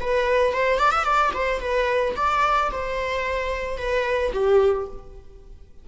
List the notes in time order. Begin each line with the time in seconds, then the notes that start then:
0.00 B4
0.53 C5
0.79 D5
0.91 E5
1.04 D5
1.33 C5
1.60 B4
2.16 D5
2.71 C5
3.77 B4
4.33 G4